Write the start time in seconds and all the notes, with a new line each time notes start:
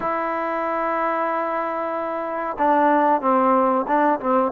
0.00 E4
2.58 D4
3.21 C4
3.87 D4
4.19 C4